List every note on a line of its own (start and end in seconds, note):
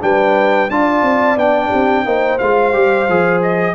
0.00 0.70 G3
0.00 0.68 D4
0.00 0.70 B4
0.00 0.70 G5
0.70 1.02 D4
0.70 1.37 F4
0.70 1.68 D5
0.70 1.38 A5
1.02 1.36 C4
1.36 1.70 B3
1.36 2.05 D4
1.36 2.38 G5
1.68 2.05 C4
1.68 2.02 G4
2.05 2.39 A#3
2.05 2.39 D#4
2.05 3.75 C5
2.38 2.75 G#3
2.38 2.73 F4
2.38 3.40 F5
2.73 3.09 G3
2.73 3.07 G4
3.09 3.75 F3
3.09 3.75 G#4
3.42 3.75 D#5